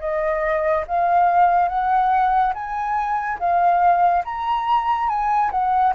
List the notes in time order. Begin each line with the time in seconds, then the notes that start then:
0.00 D#5
0.87 F5
1.69 F#5
2.54 G#5
3.39 F5
4.25 A#5
5.09 G#5
5.51 F#5